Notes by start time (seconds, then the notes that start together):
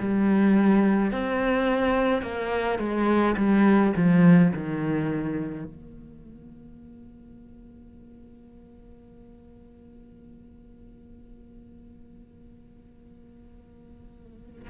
0.00 G3
1.12 C4
2.22 A#3
2.79 G#3
3.37 G3
3.97 F3
4.54 D#3
5.65 A#3